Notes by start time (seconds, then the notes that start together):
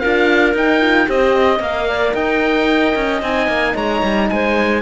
0.00 D4 F4 A#4 F5
0.54 D#4 G5
0.81 F4
1.06 C4 G4 C5 D#5
1.35 D#5
1.60 A#3 A#4 F5
1.89 D5
2.14 D#4 D#5 G5
2.96 C#4
3.22 C4 D#4 G#5
3.48 A#3
3.75 G#3 C#5 A#5
4.03 G3
4.30 G#3 C5 G#5